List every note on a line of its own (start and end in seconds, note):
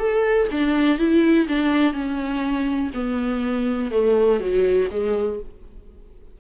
0.00 0.49 A4
0.52 0.99 D4
0.99 1.48 E4
1.49 1.94 D4
1.94 2.92 C#4
2.95 3.92 B3
3.92 4.40 A3
4.40 4.89 F#3
4.91 5.40 G#3